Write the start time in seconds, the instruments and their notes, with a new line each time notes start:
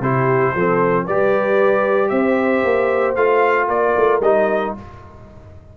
0.00 tuba C3, trombone E4, horn G4, trumpet C5
0.54 tuba F3, trombone C4, horn A4
1.05 tuba G3, trombone G4, horn B4, trumpet D5
2.09 tuba C4, horn C5, trumpet E5
2.64 tuba A#3
3.16 tuba A3, trombone F4, trumpet F5
3.68 tuba A#3, horn A#4, trumpet D5
3.97 tuba A3
4.21 tuba G3, trombone D#4, trumpet D#5